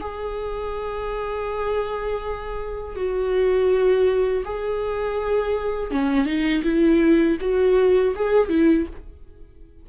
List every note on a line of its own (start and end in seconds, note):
0.00 2.95 G#4
2.95 4.43 F#4
4.44 5.91 G#4
5.91 6.25 C#4
6.25 6.62 D#4
6.63 7.37 E4
7.40 8.14 F#4
8.15 8.49 G#4
8.49 8.86 E4